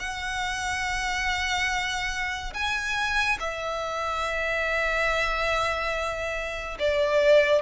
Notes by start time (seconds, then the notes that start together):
0.00 F#5
2.54 G#5
3.40 E5
6.80 D5